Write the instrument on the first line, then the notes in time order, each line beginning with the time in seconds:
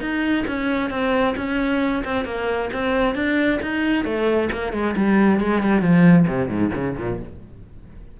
cello
0.00 D#4
0.47 C#4
0.90 C4
1.36 C#4
2.04 C4
2.24 A#3
2.73 C4
3.14 D4
3.62 D#4
4.04 A3
4.52 A#3
4.72 G#3
4.96 G3
5.40 G#3
5.62 G3
5.81 F3
6.27 C3
6.48 G#2
6.74 C#3
6.97 A#2